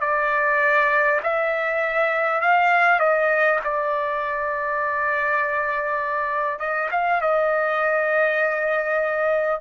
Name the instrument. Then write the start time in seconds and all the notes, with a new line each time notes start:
trumpet
0.00 D5
1.23 E5
2.41 F5
2.99 D#5
3.64 D5
6.59 D#5
6.91 F5
7.21 D#5